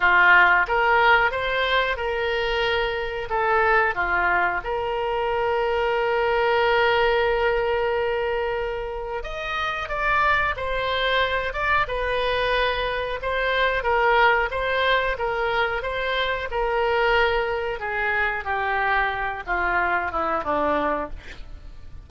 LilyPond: \new Staff \with { instrumentName = "oboe" } { \time 4/4 \tempo 4 = 91 f'4 ais'4 c''4 ais'4~ | ais'4 a'4 f'4 ais'4~ | ais'1~ | ais'2 dis''4 d''4 |
c''4. d''8 b'2 | c''4 ais'4 c''4 ais'4 | c''4 ais'2 gis'4 | g'4. f'4 e'8 d'4 | }